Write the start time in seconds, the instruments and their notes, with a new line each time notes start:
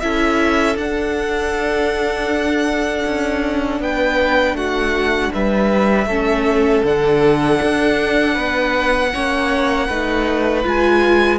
0.00 cello C#4, viola E4, violin A4 E5
0.76 cello D4, viola D4, violin F#5
3.06 cello C#4
3.80 cello B3, violin B4 G5
4.54 cello A3, violin F#4 F#5
5.34 cello G3, violin B4 E5
6.06 cello A3, viola C#4, violin A4
6.83 cello D3, viola D4, violin F#5
7.62 cello D4
8.34 cello B3, violin B4
9.13 cello A#3, viola C#4, violin C#5
9.87 cello A3, viola D#4, violin B4
10.64 cello G#3, viola F4, violin G#5